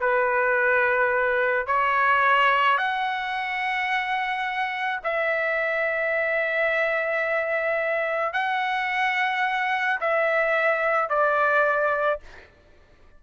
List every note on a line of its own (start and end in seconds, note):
0.00 1.66 B4
1.66 2.78 C#5
2.78 5.00 F#5
5.04 8.33 E5
8.33 9.99 F#5
10.00 11.09 E5
11.09 12.20 D5